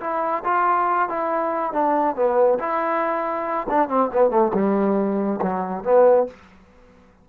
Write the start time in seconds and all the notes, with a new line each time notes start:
0.00 E4
0.44 F4
1.09 E4
1.72 D4
2.16 B3
2.59 E4
3.70 D4
3.89 C4
4.13 B3
4.30 A3
4.54 G3
5.42 F#3
5.84 B3